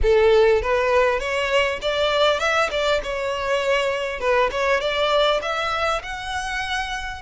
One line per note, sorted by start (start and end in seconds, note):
0.02 0.62 A4
0.62 1.19 B4
1.19 1.79 C#5
1.81 2.39 D5
2.39 2.69 E5
2.71 3.01 D5
3.03 4.20 C#5
4.20 4.50 B4
4.51 4.80 C#5
4.80 5.40 D5
5.42 6.02 E5
6.02 7.22 F#5